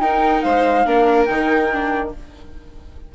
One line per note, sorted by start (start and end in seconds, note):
0.00 0.42 D#4
0.00 0.85 D#4
0.00 0.44 A#4
0.00 0.42 G5
0.42 0.86 G#3
0.42 0.86 C5
0.42 1.25 F5
0.85 1.28 A#3
0.85 1.27 D4
0.85 2.13 A#4
1.25 2.14 D#3
1.25 1.71 D#4
1.25 2.10 G5
1.73 2.15 D4